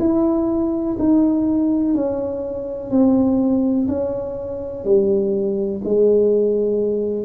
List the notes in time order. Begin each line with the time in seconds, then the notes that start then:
0.00 E4
0.99 D#4
1.94 C#4
2.91 C4
3.88 C#4
4.85 G3
5.85 G#3